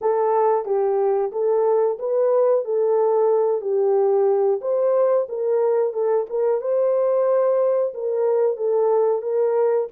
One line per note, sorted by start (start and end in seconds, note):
0.01 0.65 A4
0.65 1.31 G4
1.32 1.98 A4
1.98 2.64 B4
2.65 3.61 A4
3.61 4.60 G4
4.61 5.27 C5
5.28 5.93 A#4
5.93 6.26 A4
6.29 6.61 A#4
6.61 7.93 C5
7.94 8.57 A#4
8.57 9.22 A4
9.22 9.88 A#4